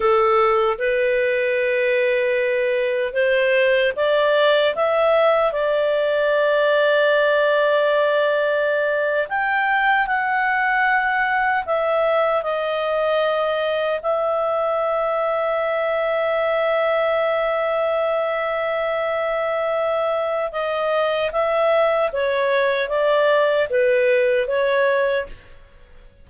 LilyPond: \new Staff \with { instrumentName = "clarinet" } { \time 4/4 \tempo 4 = 76 a'4 b'2. | c''4 d''4 e''4 d''4~ | d''2.~ d''8. g''16~ | g''8. fis''2 e''4 dis''16~ |
dis''4.~ dis''16 e''2~ e''16~ | e''1~ | e''2 dis''4 e''4 | cis''4 d''4 b'4 cis''4 | }